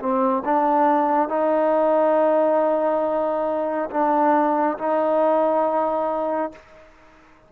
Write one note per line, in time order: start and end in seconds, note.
0.00 0.43 C4
0.45 1.29 D4
1.29 3.90 D#4
3.91 4.78 D4
4.79 6.53 D#4